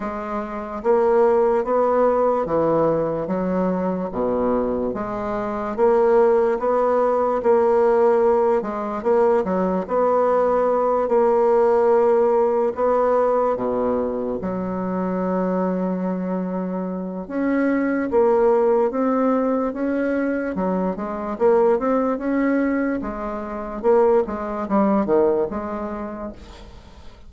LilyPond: \new Staff \with { instrumentName = "bassoon" } { \time 4/4 \tempo 4 = 73 gis4 ais4 b4 e4 | fis4 b,4 gis4 ais4 | b4 ais4. gis8 ais8 fis8 | b4. ais2 b8~ |
b8 b,4 fis2~ fis8~ | fis4 cis'4 ais4 c'4 | cis'4 fis8 gis8 ais8 c'8 cis'4 | gis4 ais8 gis8 g8 dis8 gis4 | }